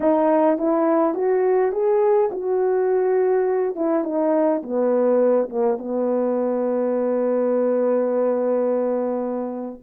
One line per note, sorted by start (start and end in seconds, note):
0.00 0.58 D#4
0.58 1.14 E4
1.14 1.72 F#4
1.72 2.29 G#4
2.31 3.75 F#4
3.75 4.04 E4
4.04 4.62 D#4
4.62 5.49 B3
5.49 5.78 A#3
5.78 9.82 B3